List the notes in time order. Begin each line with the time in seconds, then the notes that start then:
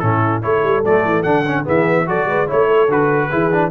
0.00 A2 C#4 E4 A4
0.42 A3 E4 A4 C#5
0.64 G3
0.85 F#3 A3 D5
1.05 E3
1.23 D3 D4 F#5
1.46 C#4
1.65 E3 B3 G#4 E5
2.06 F#3 F#4 A4 D5
2.26 G#3 B4
2.47 A3 E4 C#5
2.68 A4
2.89 D3 F#4 B4
3.30 E3 E4 G#4
3.52 D4